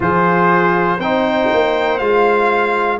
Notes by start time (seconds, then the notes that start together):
0.00 F3 F4 G#4 C5
0.97 C4 D#4 C5 G5
1.53 A#3
1.97 G#3 F4 F5